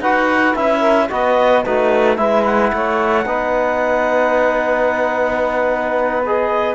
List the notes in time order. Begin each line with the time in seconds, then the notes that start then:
0.00 D#4 F#4 B4 F#5
0.55 C#4 E4 E5
0.79 A#4
1.10 B3 F#4 B4 D#5
1.63 A3 D#4 F#4 B4
2.16 G#3 E4 B4 E5
2.45 F#5
2.72 A3 C#5
3.25 B3 D#4 B4
6.26 G#4 D#5